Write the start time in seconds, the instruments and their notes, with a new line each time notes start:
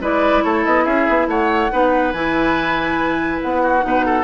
0.00 bassoon G#3, clarinet E4, oboe B4, flute D5
0.42 bassoon A3, oboe A4, flute C#5
0.64 bassoon B3, flute D#5
0.84 bassoon C#4, oboe G#4, flute E5
1.08 bassoon B3
1.27 bassoon A3, oboe C#5, flute F#5
1.71 bassoon B3, clarinet D#4, oboe B4
2.12 bassoon E3, clarinet E4, flute G#5
3.42 bassoon B3, flute F#5
3.62 oboe F#4
3.81 bassoon B2, clarinet D#4
3.87 oboe B4
4.05 oboe A4